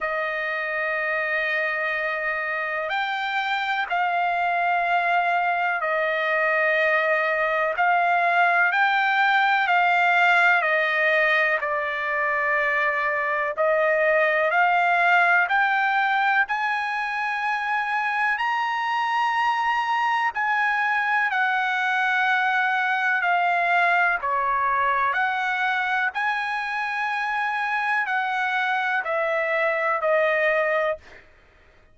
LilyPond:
\new Staff \with { instrumentName = "trumpet" } { \time 4/4 \tempo 4 = 62 dis''2. g''4 | f''2 dis''2 | f''4 g''4 f''4 dis''4 | d''2 dis''4 f''4 |
g''4 gis''2 ais''4~ | ais''4 gis''4 fis''2 | f''4 cis''4 fis''4 gis''4~ | gis''4 fis''4 e''4 dis''4 | }